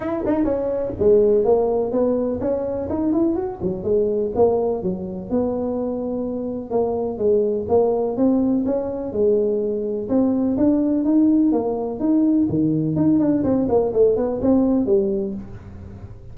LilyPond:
\new Staff \with { instrumentName = "tuba" } { \time 4/4 \tempo 4 = 125 e'8 dis'8 cis'4 gis4 ais4 | b4 cis'4 dis'8 e'8 fis'8 fis8 | gis4 ais4 fis4 b4~ | b2 ais4 gis4 |
ais4 c'4 cis'4 gis4~ | gis4 c'4 d'4 dis'4 | ais4 dis'4 dis4 dis'8 d'8 | c'8 ais8 a8 b8 c'4 g4 | }